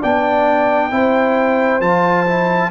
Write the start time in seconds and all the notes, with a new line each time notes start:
0.00 B3 D4 D5 G5
0.91 C4 E4 C5
1.80 F3 F4 A5
2.26 E4